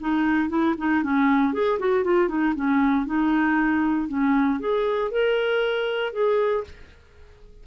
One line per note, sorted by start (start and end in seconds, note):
0.00 0.49 D#4
0.49 0.75 E4
0.78 1.03 D#4
1.03 1.53 C#4
1.53 1.79 G#4
1.79 2.04 F#4
2.04 2.28 F4
2.28 2.54 D#4
2.55 3.06 C#4
3.06 4.08 D#4
4.08 4.59 C#4
4.60 5.11 G#4
5.11 6.13 A#4
6.13 6.64 G#4